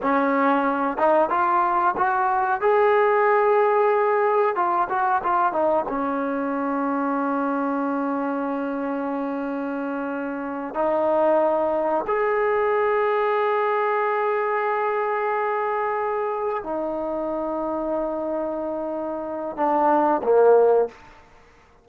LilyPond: \new Staff \with { instrumentName = "trombone" } { \time 4/4 \tempo 4 = 92 cis'4. dis'8 f'4 fis'4 | gis'2. f'8 fis'8 | f'8 dis'8 cis'2.~ | cis'1~ |
cis'8 dis'2 gis'4.~ | gis'1~ | gis'4. dis'2~ dis'8~ | dis'2 d'4 ais4 | }